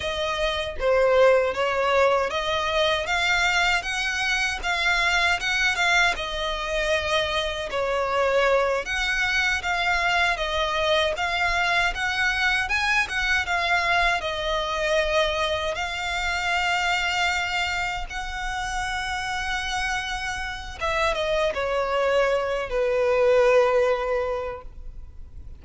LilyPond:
\new Staff \with { instrumentName = "violin" } { \time 4/4 \tempo 4 = 78 dis''4 c''4 cis''4 dis''4 | f''4 fis''4 f''4 fis''8 f''8 | dis''2 cis''4. fis''8~ | fis''8 f''4 dis''4 f''4 fis''8~ |
fis''8 gis''8 fis''8 f''4 dis''4.~ | dis''8 f''2. fis''8~ | fis''2. e''8 dis''8 | cis''4. b'2~ b'8 | }